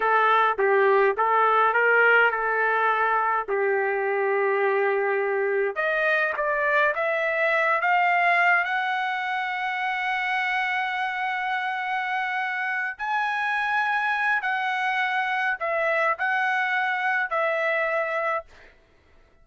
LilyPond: \new Staff \with { instrumentName = "trumpet" } { \time 4/4 \tempo 4 = 104 a'4 g'4 a'4 ais'4 | a'2 g'2~ | g'2 dis''4 d''4 | e''4. f''4. fis''4~ |
fis''1~ | fis''2~ fis''8 gis''4.~ | gis''4 fis''2 e''4 | fis''2 e''2 | }